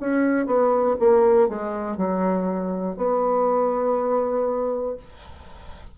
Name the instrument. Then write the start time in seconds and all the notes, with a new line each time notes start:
bassoon
0.00 C#4
0.47 B3
1.00 A#3
1.49 G#3
1.98 F#3
2.97 B3